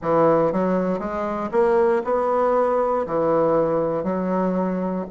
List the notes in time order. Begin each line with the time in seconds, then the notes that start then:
0.02 E3
0.52 F#3
0.99 G#3
1.51 A#3
2.04 B3
3.06 E3
4.03 F#3